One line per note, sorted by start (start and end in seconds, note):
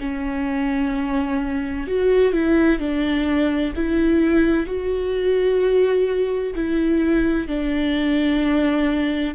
0.00 1.87 C#4
1.87 2.34 F#4
2.34 2.80 E4
2.80 3.74 D4
3.76 4.67 E4
4.67 6.55 F#4
6.55 7.49 E4
7.49 9.35 D4